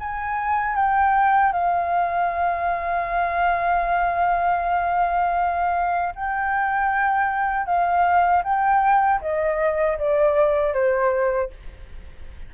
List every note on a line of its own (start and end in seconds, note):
0.00 0.76 G#5
0.76 1.52 G5
1.52 6.14 F5
6.16 7.66 G5
7.66 8.43 F5
8.44 9.21 G5
9.21 9.98 D#5
9.99 10.73 D5
10.73 11.50 C5